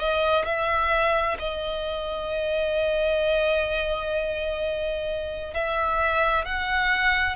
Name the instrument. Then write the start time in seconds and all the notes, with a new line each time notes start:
violin
0.00 D#5
0.46 E5
1.39 D#5
5.54 E5
6.46 F#5